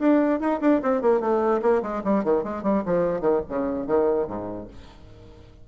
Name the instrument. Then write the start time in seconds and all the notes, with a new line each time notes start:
bassoon
0.00 D4
0.41 D#4
0.61 D4
0.83 C4
1.02 A#3
1.21 A3
1.62 A#3
1.83 G#3
2.05 G3
2.25 D#3
2.44 G#3
2.63 G3
2.86 F3
3.21 D#3
3.49 C#3
3.87 D#3
4.28 G#2